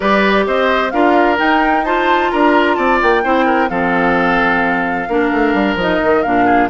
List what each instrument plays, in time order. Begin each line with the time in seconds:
0.00 bassoon G3, clarinet G4, oboe B4, flute D5
0.46 bassoon C4, oboe C5, flute D#5
0.90 bassoon D4, clarinet F4, oboe A#4, flute F5
1.36 clarinet D#4, bassoon D#4, flute G5
1.84 clarinet F4, oboe C5, flute A5
2.31 bassoon D4, oboe A#4, flute A#5
2.75 bassoon C4, oboe D5, flute A5
3.02 bassoon A#3, flute G5
3.23 bassoon C4, clarinet E4, oboe C5
3.45 oboe A#4
3.68 bassoon F3, clarinet C4, oboe A4, flute F5
5.08 bassoon A#3, clarinet D4, oboe A#4
5.31 bassoon A3
5.53 bassoon G3
5.75 bassoon F3, clarinet D#4, flute D#5
6.03 bassoon D#3
6.22 bassoon A#2, clarinet D4, flute F5
6.45 oboe G#4